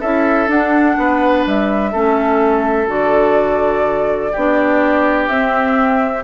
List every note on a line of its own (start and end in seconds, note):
0.00 0.48 C#4
0.00 0.49 E4
0.00 0.96 A4
0.00 0.49 E5
0.48 0.96 D4
0.48 1.93 D4
0.48 1.47 F#5
0.98 1.46 B3
0.98 1.92 B4
1.46 1.94 G3
1.46 2.89 E5
1.92 2.88 A3
1.92 2.87 C#4
1.92 4.32 A4
2.87 4.32 D3
2.87 4.31 F#4
2.87 5.27 D5
4.32 5.29 B3
4.32 5.32 D4
4.32 6.24 G4
5.27 6.24 C4
5.27 6.23 E5